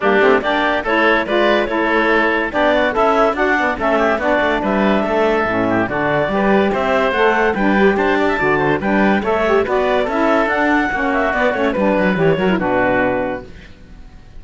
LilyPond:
<<
  \new Staff \with { instrumentName = "clarinet" } { \time 4/4 \tempo 4 = 143 g'4 d''4 cis''4 d''4 | cis''2 d''4 e''4 | fis''4 e''4 d''4 e''4~ | e''2 d''2 |
e''4 fis''4 g''4 a''4~ | a''4 g''4 e''4 d''4 | e''4 fis''4. e''8 d''8 cis''8 | b'4 cis''4 b'2 | }
  \new Staff \with { instrumentName = "oboe" } { \time 4/4 d'4 g'4 a'4 b'4 | a'2 g'8 fis'8 e'4 | d'4 a'8 g'8 fis'4 b'4 | a'4. g'8 fis'4 b'4 |
c''2 b'4 c''8 d''16 e''16 | d''8 c''8 b'4 cis''4 b'4 | a'2 fis'2 | b'4. ais'8 fis'2 | }
  \new Staff \with { instrumentName = "saxophone" } { \time 4/4 ais8 c'8 d'4 e'4 f'4 | e'2 d'4 a'4 | fis'8 b8 cis'4 d'2~ | d'4 cis'4 d'4 g'4~ |
g'4 a'4 d'8 g'4. | fis'4 d'4 a'8 g'8 fis'4 | e'4 d'4 cis'4 b8 cis'8 | d'4 g'8 fis'16 e'16 d'2 | }
  \new Staff \with { instrumentName = "cello" } { \time 4/4 g8 a8 ais4 a4 gis4 | a2 b4 cis'4 | d'4 a4 b8 a8 g4 | a4 a,4 d4 g4 |
c'4 a4 g4 d'4 | d4 g4 a4 b4 | cis'4 d'4 ais4 b8 a8 | g8 fis8 e8 fis8 b,2 | }
>>